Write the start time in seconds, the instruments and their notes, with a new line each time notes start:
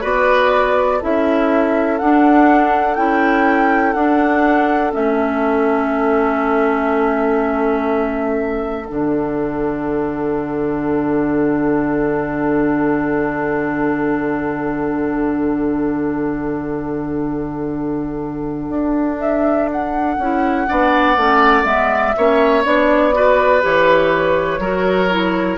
0.00 bassoon B3, clarinet F#4, oboe B4, flute D5
0.98 bassoon C#4, clarinet E4, oboe A4, flute E5
1.98 bassoon D4, clarinet D4, flute F#5
2.94 bassoon C#4, clarinet E4, flute G5
3.93 bassoon D4, clarinet D4, flute F#5
4.90 bassoon A3, clarinet C#4, flute E5
8.85 bassoon D3, clarinet D4, flute F#5
18.68 bassoon D4
19.19 flute E5
19.72 flute F#5
20.18 bassoon C#4, clarinet E4
20.67 bassoon B3, clarinet D4, oboe D5
21.16 bassoon A3, clarinet C#4
21.64 bassoon G#3, clarinet B3, flute E5
22.17 bassoon A#3, clarinet C#4, oboe C#5
22.64 bassoon B3, clarinet D4, flute D5
23.12 clarinet F#4, oboe B4
23.61 bassoon E3, clarinet G4, flute C#5
24.58 bassoon F#3, clarinet F#4, oboe A#4
25.09 clarinet E4